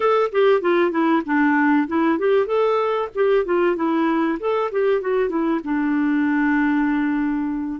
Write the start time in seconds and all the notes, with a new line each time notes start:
0.00 A4
0.32 G4
0.61 F4
0.91 E4
1.25 D4
1.87 E4
2.18 G4
2.46 A4
3.14 G4
3.45 F4
3.76 E4
4.39 A4
4.71 G4
5.01 F#4
5.29 E4
5.63 D4